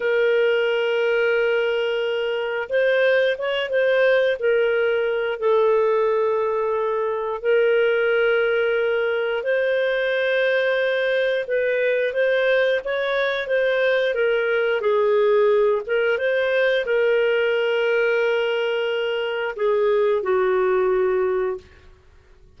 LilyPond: \new Staff \with { instrumentName = "clarinet" } { \time 4/4 \tempo 4 = 89 ais'1 | c''4 cis''8 c''4 ais'4. | a'2. ais'4~ | ais'2 c''2~ |
c''4 b'4 c''4 cis''4 | c''4 ais'4 gis'4. ais'8 | c''4 ais'2.~ | ais'4 gis'4 fis'2 | }